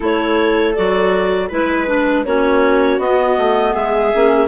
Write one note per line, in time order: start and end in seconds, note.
0.00 0.76 A3
0.00 0.75 E4
0.00 1.49 A4
0.00 0.74 C#5
0.74 1.51 F#3
0.74 1.50 F#4
0.74 1.49 D5
1.49 2.25 G#3
1.49 1.87 E4
1.49 2.24 B4
1.49 2.25 B4
1.87 2.24 D4
2.25 2.98 A#3
2.25 2.99 C#4
2.25 3.72 F#4
2.25 3.00 C#5
2.98 3.36 B3
2.98 4.12 B3
2.98 3.74 D#5
3.37 3.75 A3
3.72 4.13 G#3
3.72 4.47 G#4
3.72 4.47 E5
4.14 4.47 A#3
4.14 4.47 C#4